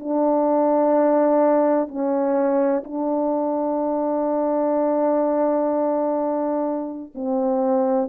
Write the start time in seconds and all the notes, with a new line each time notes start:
0.00 D4
1.88 C#4
2.84 D4
7.15 C4